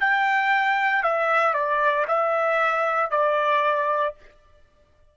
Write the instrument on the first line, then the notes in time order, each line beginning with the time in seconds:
trumpet
0.00 G5
1.03 E5
1.53 D5
2.07 E5
3.10 D5